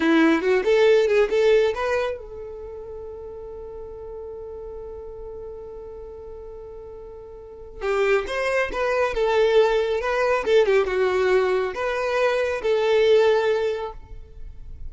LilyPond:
\new Staff \with { instrumentName = "violin" } { \time 4/4 \tempo 4 = 138 e'4 fis'8 a'4 gis'8 a'4 | b'4 a'2.~ | a'1~ | a'1~ |
a'2 g'4 c''4 | b'4 a'2 b'4 | a'8 g'8 fis'2 b'4~ | b'4 a'2. | }